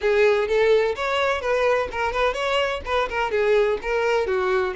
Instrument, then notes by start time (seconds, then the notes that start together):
violin
0.01 G#4
0.48 A4
0.95 C#5
1.41 B4
1.91 A#4
2.12 B4
2.33 C#5
2.85 B4
3.09 A#4
3.31 G#4
3.82 A#4
4.26 F#4